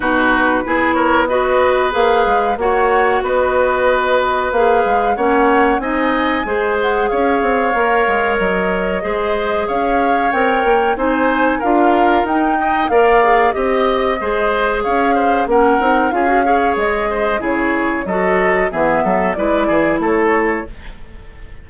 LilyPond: <<
  \new Staff \with { instrumentName = "flute" } { \time 4/4 \tempo 4 = 93 b'4. cis''8 dis''4 f''4 | fis''4 dis''2 f''4 | fis''4 gis''4. fis''8 f''4~ | f''4 dis''2 f''4 |
g''4 gis''4 f''4 g''4 | f''4 dis''2 f''4 | fis''4 f''4 dis''4 cis''4 | dis''4 e''4 d''4 cis''4 | }
  \new Staff \with { instrumentName = "oboe" } { \time 4/4 fis'4 gis'8 ais'8 b'2 | cis''4 b'2. | cis''4 dis''4 c''4 cis''4~ | cis''2 c''4 cis''4~ |
cis''4 c''4 ais'4. dis''8 | d''4 dis''4 c''4 cis''8 c''8 | ais'4 gis'8 cis''4 c''8 gis'4 | a'4 gis'8 a'8 b'8 gis'8 a'4 | }
  \new Staff \with { instrumentName = "clarinet" } { \time 4/4 dis'4 e'4 fis'4 gis'4 | fis'2. gis'4 | cis'4 dis'4 gis'2 | ais'2 gis'2 |
ais'4 dis'4 f'4 dis'4 | ais'8 gis'8 g'4 gis'2 | cis'8 dis'8 f'16 fis'16 gis'4. e'4 | fis'4 b4 e'2 | }
  \new Staff \with { instrumentName = "bassoon" } { \time 4/4 b,4 b2 ais8 gis8 | ais4 b2 ais8 gis8 | ais4 c'4 gis4 cis'8 c'8 | ais8 gis8 fis4 gis4 cis'4 |
c'8 ais8 c'4 d'4 dis'4 | ais4 c'4 gis4 cis'4 | ais8 c'8 cis'4 gis4 cis4 | fis4 e8 fis8 gis8 e8 a4 | }
>>